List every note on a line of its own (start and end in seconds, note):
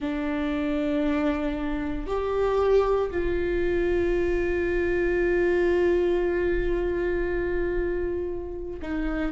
0.00 2.06 D4
2.06 3.10 G4
3.10 8.79 F4
8.82 9.32 D#4